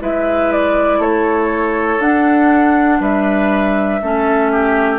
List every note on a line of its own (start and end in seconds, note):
0.00 0.99 G#3
0.00 2.00 E4
0.00 0.99 B4
0.00 0.52 E5
0.52 1.01 D5
0.99 1.99 A3
0.99 2.99 A4
0.99 2.01 C#5
2.00 4.00 D4
2.00 3.00 D4
2.00 3.01 F#5
3.00 4.00 G3
3.00 4.00 B4
3.00 4.99 E5
4.02 4.99 A3
4.02 4.99 C#4
4.02 4.51 A4
4.51 4.99 G4